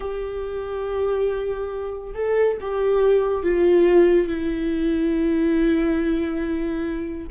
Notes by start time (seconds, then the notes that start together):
0.00 G4
2.14 A4
2.60 G4
3.43 F4
4.27 E4